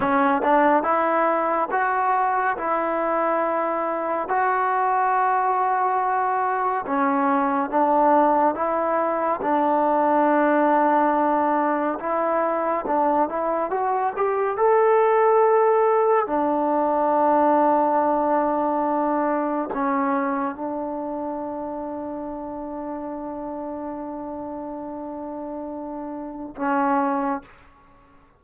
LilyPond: \new Staff \with { instrumentName = "trombone" } { \time 4/4 \tempo 4 = 70 cis'8 d'8 e'4 fis'4 e'4~ | e'4 fis'2. | cis'4 d'4 e'4 d'4~ | d'2 e'4 d'8 e'8 |
fis'8 g'8 a'2 d'4~ | d'2. cis'4 | d'1~ | d'2. cis'4 | }